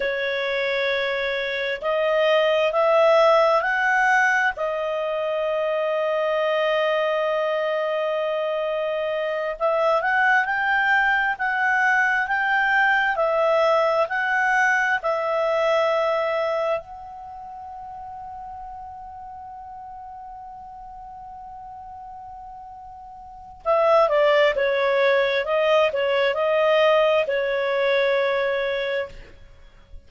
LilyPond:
\new Staff \with { instrumentName = "clarinet" } { \time 4/4 \tempo 4 = 66 cis''2 dis''4 e''4 | fis''4 dis''2.~ | dis''2~ dis''8 e''8 fis''8 g''8~ | g''8 fis''4 g''4 e''4 fis''8~ |
fis''8 e''2 fis''4.~ | fis''1~ | fis''2 e''8 d''8 cis''4 | dis''8 cis''8 dis''4 cis''2 | }